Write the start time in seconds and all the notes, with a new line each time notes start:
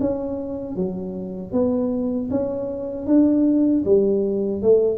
0.00 C#4
0.76 F#3
1.52 B3
2.30 C#4
3.07 D4
3.85 G3
4.62 A3